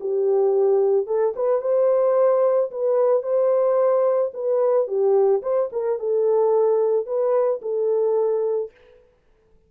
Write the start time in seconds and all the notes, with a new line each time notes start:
0.00 G4
1.06 A4
1.35 B4
1.61 C5
2.70 B4
3.22 C5
4.33 B4
4.87 G4
5.42 C5
5.72 A#4
5.99 A4
7.06 B4
7.62 A4